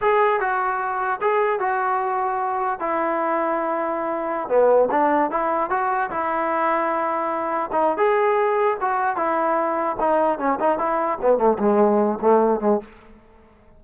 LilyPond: \new Staff \with { instrumentName = "trombone" } { \time 4/4 \tempo 4 = 150 gis'4 fis'2 gis'4 | fis'2. e'4~ | e'2.~ e'16 b8.~ | b16 d'4 e'4 fis'4 e'8.~ |
e'2.~ e'16 dis'8. | gis'2 fis'4 e'4~ | e'4 dis'4 cis'8 dis'8 e'4 | b8 a8 gis4. a4 gis8 | }